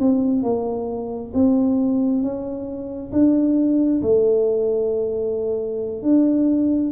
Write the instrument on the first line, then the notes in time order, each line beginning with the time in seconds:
tuba
0.00 C4
0.43 A#3
1.34 C4
2.23 C#4
3.13 D4
4.03 A3
6.03 D4